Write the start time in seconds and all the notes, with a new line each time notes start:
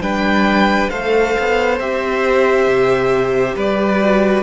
0.00 G3 D4 B4 G5
0.90 A3 A4 C5 F5
1.39 B3
1.80 C4 G4 E5
2.67 C3
3.56 G3 B4 D5
4.00 F#4